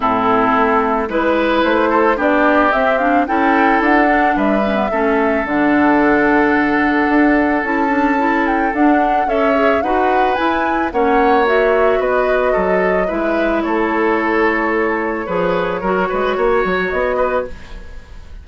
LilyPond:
<<
  \new Staff \with { instrumentName = "flute" } { \time 4/4 \tempo 4 = 110 a'2 b'4 c''4 | d''4 e''8 f''8 g''4 fis''4 | e''2 fis''2~ | fis''2 a''4. g''8 |
fis''4 e''4 fis''4 gis''4 | fis''4 e''4 dis''2 | e''4 cis''2.~ | cis''2. dis''4 | }
  \new Staff \with { instrumentName = "oboe" } { \time 4/4 e'2 b'4. a'8 | g'2 a'2 | b'4 a'2.~ | a'1~ |
a'4 cis''4 b'2 | cis''2 b'4 a'4 | b'4 a'2. | b'4 ais'8 b'8 cis''4. b'8 | }
  \new Staff \with { instrumentName = "clarinet" } { \time 4/4 c'2 e'2 | d'4 c'8 d'8 e'4. d'8~ | d'8 cis'16 b16 cis'4 d'2~ | d'2 e'8 d'8 e'4 |
d'4 a'8 gis'8 fis'4 e'4 | cis'4 fis'2. | e'1 | gis'4 fis'2. | }
  \new Staff \with { instrumentName = "bassoon" } { \time 4/4 a,4 a4 gis4 a4 | b4 c'4 cis'4 d'4 | g4 a4 d2~ | d4 d'4 cis'2 |
d'4 cis'4 dis'4 e'4 | ais2 b4 fis4 | gis4 a2. | f4 fis8 gis8 ais8 fis8 b4 | }
>>